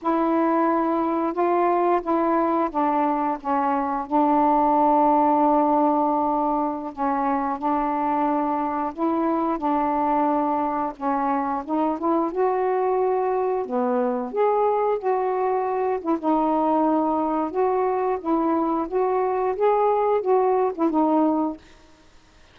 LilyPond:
\new Staff \with { instrumentName = "saxophone" } { \time 4/4 \tempo 4 = 89 e'2 f'4 e'4 | d'4 cis'4 d'2~ | d'2~ d'16 cis'4 d'8.~ | d'4~ d'16 e'4 d'4.~ d'16~ |
d'16 cis'4 dis'8 e'8 fis'4.~ fis'16~ | fis'16 b4 gis'4 fis'4. e'16 | dis'2 fis'4 e'4 | fis'4 gis'4 fis'8. e'16 dis'4 | }